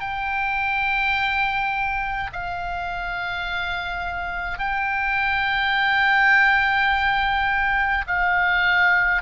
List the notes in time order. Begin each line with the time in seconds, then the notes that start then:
0.00 G5
2.32 F5
4.58 G5
8.07 F5